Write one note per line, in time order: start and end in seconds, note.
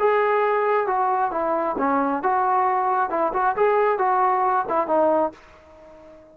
0.00 0.87 G#4
0.87 1.31 F#4
1.31 1.76 E4
1.78 2.23 C#4
2.23 3.11 F#4
3.11 3.33 E4
3.34 3.56 F#4
3.56 3.99 G#4
3.99 4.66 F#4
4.69 4.88 E4
4.88 5.33 D#4